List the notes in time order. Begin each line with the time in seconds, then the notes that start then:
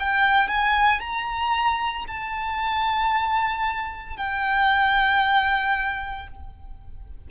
0.00 G5
0.48 G#5
1.00 A#5
2.08 A5
4.17 G5